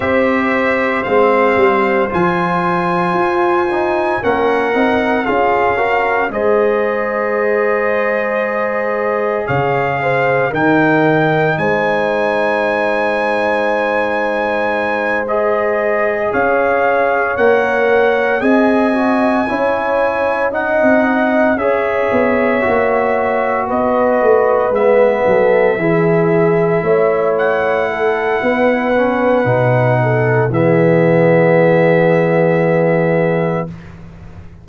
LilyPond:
<<
  \new Staff \with { instrumentName = "trumpet" } { \time 4/4 \tempo 4 = 57 e''4 f''4 gis''2 | fis''4 f''4 dis''2~ | dis''4 f''4 g''4 gis''4~ | gis''2~ gis''8 dis''4 f''8~ |
f''8 fis''4 gis''2 fis''8~ | fis''8 e''2 dis''4 e''8~ | e''2 fis''2~ | fis''4 e''2. | }
  \new Staff \with { instrumentName = "horn" } { \time 4/4 c''1 | ais'4 gis'8 ais'8 c''2~ | c''4 cis''8 c''8 ais'4 c''4~ | c''2.~ c''8 cis''8~ |
cis''4. dis''4 cis''4 dis''8~ | dis''8 cis''2 b'4. | a'8 gis'4 cis''4 a'8 b'4~ | b'8 a'8 gis'2. | }
  \new Staff \with { instrumentName = "trombone" } { \time 4/4 g'4 c'4 f'4. dis'8 | cis'8 dis'8 f'8 fis'8 gis'2~ | gis'2 dis'2~ | dis'2~ dis'8 gis'4.~ |
gis'8 ais'4 gis'8 fis'8 e'4 dis'8~ | dis'8 gis'4 fis'2 b8~ | b8 e'2. cis'8 | dis'4 b2. | }
  \new Staff \with { instrumentName = "tuba" } { \time 4/4 c'4 gis8 g8 f4 f'4 | ais8 c'8 cis'4 gis2~ | gis4 cis4 dis4 gis4~ | gis2.~ gis8 cis'8~ |
cis'8 ais4 c'4 cis'4~ cis'16 c'16~ | c'8 cis'8 b8 ais4 b8 a8 gis8 | fis8 e4 a4. b4 | b,4 e2. | }
>>